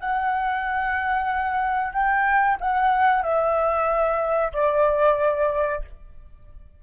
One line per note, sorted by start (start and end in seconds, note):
0.00 1.93 F#5
1.93 2.57 G5
2.60 3.23 F#5
3.23 4.52 E5
4.53 5.82 D5